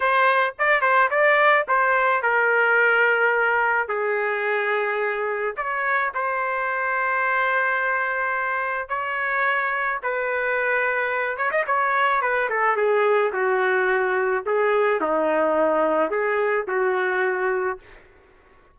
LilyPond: \new Staff \with { instrumentName = "trumpet" } { \time 4/4 \tempo 4 = 108 c''4 d''8 c''8 d''4 c''4 | ais'2. gis'4~ | gis'2 cis''4 c''4~ | c''1 |
cis''2 b'2~ | b'8 cis''16 dis''16 cis''4 b'8 a'8 gis'4 | fis'2 gis'4 dis'4~ | dis'4 gis'4 fis'2 | }